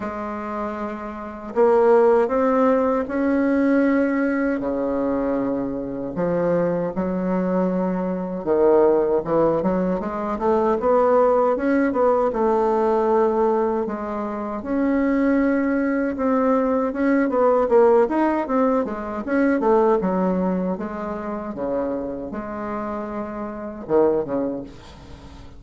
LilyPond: \new Staff \with { instrumentName = "bassoon" } { \time 4/4 \tempo 4 = 78 gis2 ais4 c'4 | cis'2 cis2 | f4 fis2 dis4 | e8 fis8 gis8 a8 b4 cis'8 b8 |
a2 gis4 cis'4~ | cis'4 c'4 cis'8 b8 ais8 dis'8 | c'8 gis8 cis'8 a8 fis4 gis4 | cis4 gis2 dis8 cis8 | }